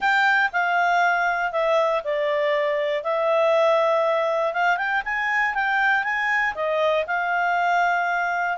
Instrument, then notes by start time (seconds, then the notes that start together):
clarinet
0.00 G5
0.52 F5
1.51 E5
2.04 D5
3.03 E5
4.53 F5
4.77 G5
5.04 G#5
5.54 G5
6.03 G#5
6.54 D#5
7.07 F5